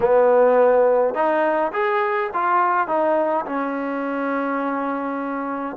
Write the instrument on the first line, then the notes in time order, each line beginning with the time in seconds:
trombone
0.00 B3
1.14 D#4
1.72 G#4
2.33 F4
2.87 D#4
3.45 C#4